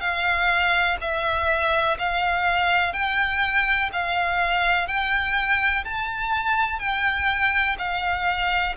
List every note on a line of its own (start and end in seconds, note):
0.00 0.97 F5
1.01 1.98 E5
1.98 2.93 F5
2.93 3.90 G5
3.92 4.87 F5
4.87 5.84 G5
5.84 6.79 A5
6.79 7.76 G5
7.78 8.75 F5